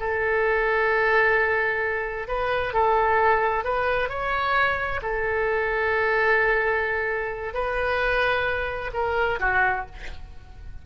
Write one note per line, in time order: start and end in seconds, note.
0.00 2.28 A4
2.28 2.74 B4
2.74 3.65 A4
3.65 4.09 B4
4.09 5.01 C#5
5.02 7.54 A4
7.54 8.91 B4
8.94 9.40 A#4
9.40 9.86 F#4